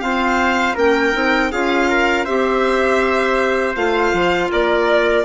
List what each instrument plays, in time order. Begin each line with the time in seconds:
0.00 clarinet C4, bassoon F4, trumpet C5, violin F5
0.75 bassoon A#3, clarinet C#4, trumpet A#4, violin G5
1.13 bassoon C4, clarinet D#4
1.51 bassoon C#4, clarinet F4, trumpet G#4, violin F5
1.88 trumpet A#4
2.24 bassoon C4, clarinet G4, trumpet C5, violin E5
3.75 bassoon A3, clarinet F4, violin F5
4.12 bassoon F3
4.51 bassoon A#3, trumpet A#4, violin D5